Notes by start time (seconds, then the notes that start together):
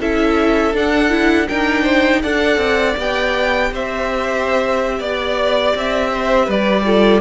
0.00 C#4 E4 A4 E5
0.73 D4 F#5
1.10 E4
1.48 D4 D#4 A#4 G5
1.83 C5
2.22 D4 A4 D5 F#5
2.57 C4
2.97 B3 G4 G5
3.71 C4 C5 E5
4.99 B3 D5
5.75 C4 E5
6.13 C5
6.45 G3 B4 D5
6.85 F4 A4